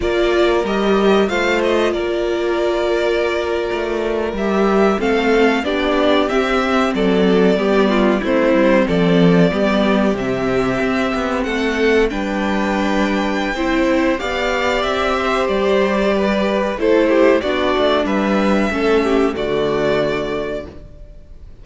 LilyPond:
<<
  \new Staff \with { instrumentName = "violin" } { \time 4/4 \tempo 4 = 93 d''4 dis''4 f''8 dis''8 d''4~ | d''2~ d''8. e''4 f''16~ | f''8. d''4 e''4 d''4~ d''16~ | d''8. c''4 d''2 e''16~ |
e''4.~ e''16 fis''4 g''4~ g''16~ | g''2 f''4 e''4 | d''2 c''4 d''4 | e''2 d''2 | }
  \new Staff \with { instrumentName = "violin" } { \time 4/4 ais'2 c''4 ais'4~ | ais'2.~ ais'8. a'16~ | a'8. g'2 a'4 g'16~ | g'16 f'8 e'4 a'4 g'4~ g'16~ |
g'4.~ g'16 a'4 b'4~ b'16~ | b'4 c''4 d''4. c''8~ | c''4 b'4 a'8 g'8 fis'4 | b'4 a'8 g'8 fis'2 | }
  \new Staff \with { instrumentName = "viola" } { \time 4/4 f'4 g'4 f'2~ | f'2~ f'8. g'4 c'16~ | c'8. d'4 c'2 b16~ | b8. c'2 b4 c'16~ |
c'2~ c'8. d'4~ d'16~ | d'4 e'4 g'2~ | g'2 e'4 d'4~ | d'4 cis'4 a2 | }
  \new Staff \with { instrumentName = "cello" } { \time 4/4 ais4 g4 a4 ais4~ | ais4.~ ais16 a4 g4 a16~ | a8. b4 c'4 fis4 g16~ | g8. a8 g8 f4 g4 c16~ |
c8. c'8 b8 a4 g4~ g16~ | g4 c'4 b4 c'4 | g2 a4 b8 a8 | g4 a4 d2 | }
>>